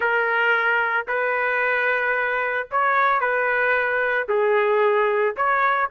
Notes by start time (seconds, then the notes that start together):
0.00 A#4
1.07 B4
2.71 C#5
3.20 B4
4.28 G#4
5.36 C#5